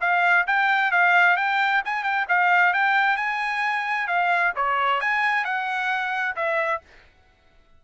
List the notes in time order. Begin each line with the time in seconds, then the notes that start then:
0.00 F5
0.47 G5
0.91 F5
1.36 G5
1.85 G#5
2.03 G5
2.28 F5
2.73 G5
3.16 G#5
4.07 F5
4.56 C#5
5.00 G#5
5.44 F#5
6.36 E5